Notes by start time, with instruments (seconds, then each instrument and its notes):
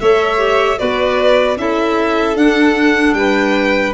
0.00 tuba A3, clarinet A4, violin C#5 E5
0.37 clarinet G4
0.77 tuba B3, clarinet F#4, violin B4 D5
1.56 tuba C#4, clarinet E4, violin A4 E5
2.35 tuba D4, clarinet D4, violin F#5
3.13 tuba G3, violin B4 G5